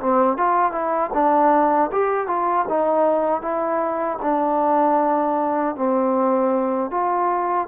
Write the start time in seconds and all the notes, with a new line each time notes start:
0.00 C4
0.37 F4
0.72 E4
1.14 D4
1.92 G4
2.27 F4
2.69 D#4
3.42 E4
4.22 D4
5.76 C4
6.91 F4